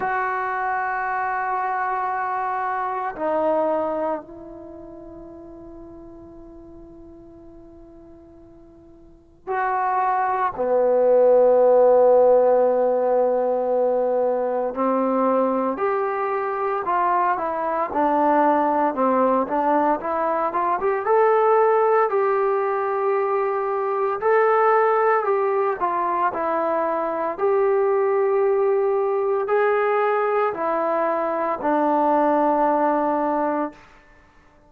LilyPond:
\new Staff \with { instrumentName = "trombone" } { \time 4/4 \tempo 4 = 57 fis'2. dis'4 | e'1~ | e'4 fis'4 b2~ | b2 c'4 g'4 |
f'8 e'8 d'4 c'8 d'8 e'8 f'16 g'16 | a'4 g'2 a'4 | g'8 f'8 e'4 g'2 | gis'4 e'4 d'2 | }